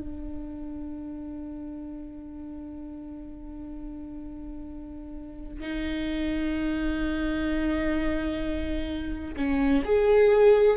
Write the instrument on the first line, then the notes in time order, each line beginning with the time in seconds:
viola
0.00 D4
5.60 D#4
9.37 C#4
9.85 G#4